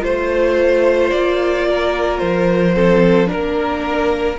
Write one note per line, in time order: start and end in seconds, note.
0.00 1.12 A3
0.00 2.73 F4
0.00 1.09 C5
0.00 1.68 C5
1.09 2.21 A#3
1.09 2.18 D5
1.68 2.75 A#4
2.18 3.30 F3
2.18 3.27 C5
2.73 3.26 C4
2.73 3.29 A4
3.26 4.35 D4
3.26 4.36 A#4
3.26 4.38 A#4
3.32 4.38 A#3